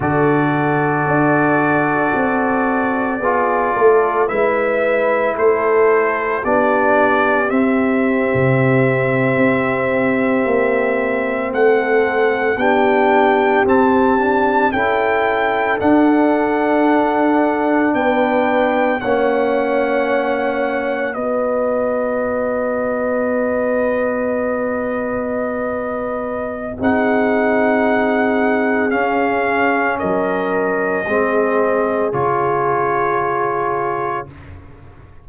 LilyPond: <<
  \new Staff \with { instrumentName = "trumpet" } { \time 4/4 \tempo 4 = 56 d''1 | e''4 c''4 d''4 e''4~ | e''2~ e''8. fis''4 g''16~ | g''8. a''4 g''4 fis''4~ fis''16~ |
fis''8. g''4 fis''2 dis''16~ | dis''1~ | dis''4 fis''2 f''4 | dis''2 cis''2 | }
  \new Staff \with { instrumentName = "horn" } { \time 4/4 a'2. gis'8 a'8 | b'4 a'4 g'2~ | g'2~ g'8. a'4 g'16~ | g'4.~ g'16 a'2~ a'16~ |
a'8. b'4 cis''2 b'16~ | b'1~ | b'4 gis'2. | ais'4 gis'2. | }
  \new Staff \with { instrumentName = "trombone" } { \time 4/4 fis'2. f'4 | e'2 d'4 c'4~ | c'2.~ c'8. d'16~ | d'8. c'8 d'8 e'4 d'4~ d'16~ |
d'4.~ d'16 cis'2 fis'16~ | fis'1~ | fis'4 dis'2 cis'4~ | cis'4 c'4 f'2 | }
  \new Staff \with { instrumentName = "tuba" } { \time 4/4 d4 d'4 c'4 b8 a8 | gis4 a4 b4 c'8. c16~ | c8. c'4 ais4 a4 b16~ | b8. c'4 cis'4 d'4~ d'16~ |
d'8. b4 ais2 b16~ | b1~ | b4 c'2 cis'4 | fis4 gis4 cis2 | }
>>